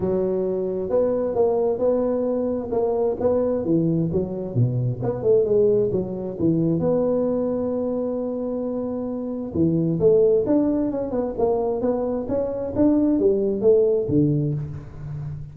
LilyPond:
\new Staff \with { instrumentName = "tuba" } { \time 4/4 \tempo 4 = 132 fis2 b4 ais4 | b2 ais4 b4 | e4 fis4 b,4 b8 a8 | gis4 fis4 e4 b4~ |
b1~ | b4 e4 a4 d'4 | cis'8 b8 ais4 b4 cis'4 | d'4 g4 a4 d4 | }